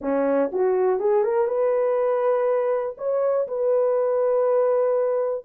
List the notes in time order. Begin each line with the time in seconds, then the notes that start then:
0.01 C#4
0.52 F#4
0.99 G#4
1.23 A#4
1.47 B4
2.97 C#5
3.47 B4